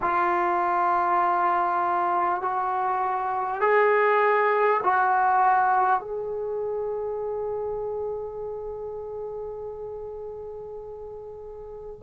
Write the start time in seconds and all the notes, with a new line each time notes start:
0.01 F4
2.41 F#4
3.61 G#4
4.83 F#4
6.00 G#4